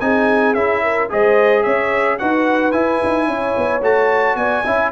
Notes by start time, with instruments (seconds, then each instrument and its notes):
0.00 tuba C4, trombone D#4, horn G#4, trumpet G#5
0.54 tuba C#4, trombone E4, trumpet E5
0.83 horn A#4
1.10 tuba G#3, trombone G#4, horn C5, trumpet D#5
1.63 tuba C#4, horn C#5, trumpet E5
2.19 tuba D#4, trombone F#4, horn B4, trumpet F#5
2.72 trombone E4, tuba E4, trumpet G#5
3.04 tuba D#4
3.27 tuba C#4, horn C#5
3.57 tuba B3
3.82 tuba A3, trombone F#4, trumpet A5
4.35 tuba B3, horn D5, trumpet G#5
4.64 tuba C#4, trombone E4, horn E5